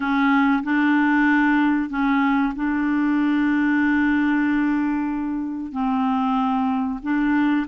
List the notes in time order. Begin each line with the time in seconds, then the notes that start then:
0.00 C#4
0.63 D4
1.89 C#4
2.55 D4
5.72 C4
7.02 D4